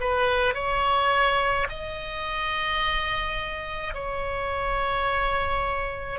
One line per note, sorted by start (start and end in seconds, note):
0.00 0.54 B4
0.54 1.67 C#5
1.69 3.94 D#5
3.94 6.19 C#5